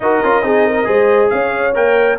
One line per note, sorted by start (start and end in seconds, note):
0.00 0.21 D#4
0.00 0.24 F#4
0.00 0.44 A#4
0.00 1.29 D#5
0.23 0.42 C#4
0.23 0.42 F4
0.42 0.86 C4
0.42 0.84 D#4
0.42 0.66 G#4
0.66 0.86 A#4
0.84 1.31 G#3
0.84 1.72 G#4
0.84 1.30 C5
1.29 1.75 C#4
1.29 2.18 C#5
1.29 1.73 F5
1.74 2.18 A#3
1.74 2.18 A#4
1.74 2.18 G5